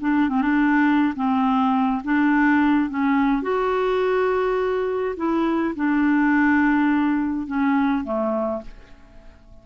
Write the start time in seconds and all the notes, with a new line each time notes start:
0.00 D4
0.29 C4
0.41 D4
1.15 C4
2.04 D4
2.89 C#4
3.42 F#4
5.17 E4
5.75 D4
7.47 C#4
8.04 A3